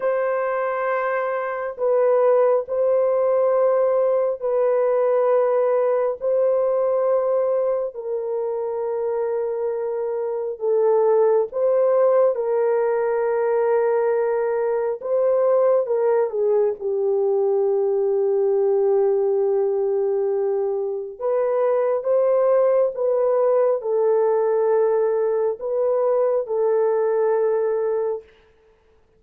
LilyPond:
\new Staff \with { instrumentName = "horn" } { \time 4/4 \tempo 4 = 68 c''2 b'4 c''4~ | c''4 b'2 c''4~ | c''4 ais'2. | a'4 c''4 ais'2~ |
ais'4 c''4 ais'8 gis'8 g'4~ | g'1 | b'4 c''4 b'4 a'4~ | a'4 b'4 a'2 | }